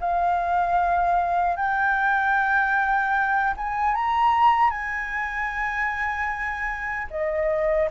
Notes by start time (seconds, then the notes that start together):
0.00 F5
1.56 G5
3.57 G#5
3.95 A#5
4.70 G#5
7.10 D#5